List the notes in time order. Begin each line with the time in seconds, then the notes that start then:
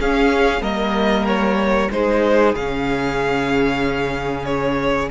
0.00 C#4 G#4 F5
0.62 G3 A#3 A#4 D#5
1.27 C#5
1.91 G#3 D#4 G#4 C5
2.55 C#3 C#4 F5
4.46 C#5